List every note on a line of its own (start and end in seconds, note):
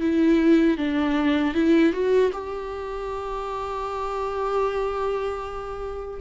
0.00 0.77 E4
0.77 1.54 D4
1.54 1.92 E4
1.92 2.31 F#4
2.32 6.20 G4